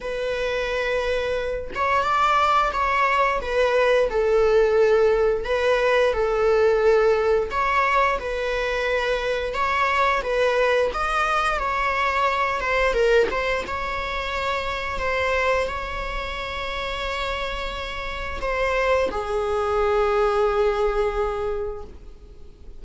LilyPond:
\new Staff \with { instrumentName = "viola" } { \time 4/4 \tempo 4 = 88 b'2~ b'8 cis''8 d''4 | cis''4 b'4 a'2 | b'4 a'2 cis''4 | b'2 cis''4 b'4 |
dis''4 cis''4. c''8 ais'8 c''8 | cis''2 c''4 cis''4~ | cis''2. c''4 | gis'1 | }